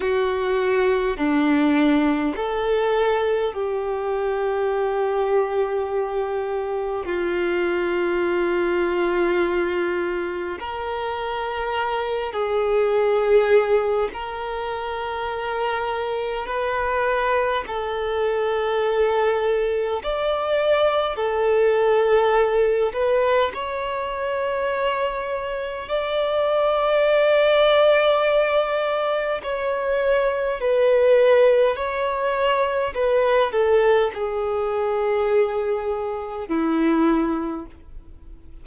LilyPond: \new Staff \with { instrumentName = "violin" } { \time 4/4 \tempo 4 = 51 fis'4 d'4 a'4 g'4~ | g'2 f'2~ | f'4 ais'4. gis'4. | ais'2 b'4 a'4~ |
a'4 d''4 a'4. b'8 | cis''2 d''2~ | d''4 cis''4 b'4 cis''4 | b'8 a'8 gis'2 e'4 | }